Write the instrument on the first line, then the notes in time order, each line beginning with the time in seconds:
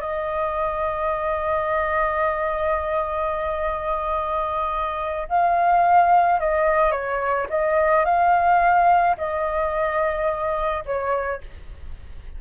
flute
0.00 D#5
5.29 F5
6.39 D#5
6.91 C#5
7.49 D#5
8.05 F5
9.17 D#5
10.85 C#5